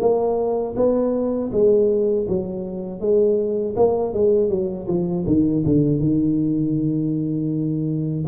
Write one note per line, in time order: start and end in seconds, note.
0.00 0.75 A#3
0.76 1.51 B3
1.52 2.27 G#3
2.28 3.00 F#3
3.00 3.75 G#3
3.76 4.13 A#3
4.13 4.49 G#3
4.49 4.87 F#3
4.88 5.25 F3
5.26 5.64 D#3
5.66 6.00 D3
6.00 8.25 D#3